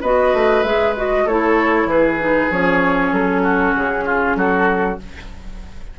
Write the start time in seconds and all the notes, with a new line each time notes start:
0.00 B3 F#4 B4 D#5
0.33 A3
0.63 G#3 G#4 E5
0.96 F#4 D#5
1.24 A3 E4 A4 C#5
1.85 E3 G#4 B4
2.19 D#4
2.50 F3 C#4 C#5
3.12 F#3 A4
3.42 F#4
3.75 C#3 G#4
4.05 F4
4.35 F#3 F#4 A4